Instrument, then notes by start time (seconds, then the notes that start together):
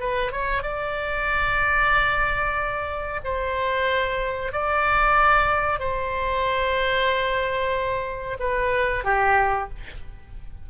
oboe
0.00 B4
0.32 C#5
0.63 D5
3.25 C5
4.52 D5
5.80 C5
8.40 B4
9.05 G4